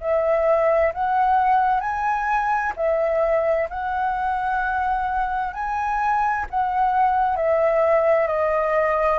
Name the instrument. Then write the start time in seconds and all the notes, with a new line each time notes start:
flute
0.00 E5
0.93 F#5
1.80 G#5
2.76 E5
3.69 F#5
5.53 G#5
6.50 F#5
7.36 E5
8.27 D#5